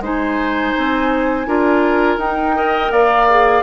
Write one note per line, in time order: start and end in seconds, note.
0.00 0.72 G#3
0.00 1.47 D#4
0.00 1.48 C5
0.00 2.20 G#5
0.77 1.47 C4
1.47 2.17 D4
1.47 2.19 F4
1.47 2.56 A#4
2.17 2.90 D#4
2.17 2.55 D#4
2.17 2.92 G5
2.55 3.28 A#4
2.55 2.92 D#5
2.91 3.64 A#3
2.91 3.64 D5
2.91 3.64 F5
3.30 3.64 G#4